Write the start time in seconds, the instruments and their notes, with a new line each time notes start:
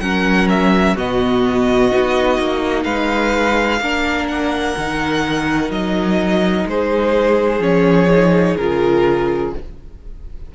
0.00 cello F#3, viola C#4, violin A#4 F#5
0.49 violin E5
0.95 cello B2, viola B3, violin F#4 D#5
1.91 cello B3, viola D#4
2.39 cello A#3
2.84 cello G#3, violin B4 F5
3.80 cello A#3, viola D4, violin A#4
4.28 violin F#5
4.77 cello D#3, viola D#4
5.70 cello F#3, violin D#5
6.66 cello G#3, violin G#4 C5
7.60 cello F3, viola C#4, violin C#5
8.11 viola D#4
8.57 cello C#3, viola F4, violin A#4